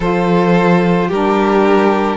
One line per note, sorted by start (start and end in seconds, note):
0.00 1.09 F3
0.00 1.11 F4
0.00 1.07 A4
0.00 1.10 C5
1.07 2.16 G3
1.07 2.16 D4
1.07 2.16 G4
1.07 2.16 A#4